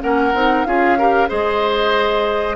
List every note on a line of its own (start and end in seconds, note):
0.00 0.34 A#3
0.00 0.32 C#4
0.00 0.67 A#4
0.00 0.65 F#5
0.34 0.66 C4
0.34 0.66 D#4
0.65 1.30 C#4
0.65 0.98 F4
0.65 0.98 G#4
0.65 1.29 F5
0.98 1.28 G4
0.98 1.29 A#4
1.28 2.57 G#3
1.28 2.56 G#4
1.28 2.56 C5
1.28 2.57 D#5